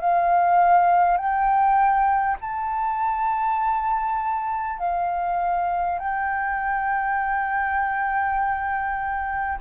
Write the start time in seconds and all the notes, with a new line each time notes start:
0.00 F5
1.17 G5
2.41 A5
4.79 F5
5.98 G5